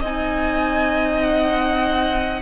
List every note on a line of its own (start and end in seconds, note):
0.00 2.41 C4
0.00 2.41 D#4
0.00 2.40 D#5
0.00 1.22 G#5
1.22 2.41 F#5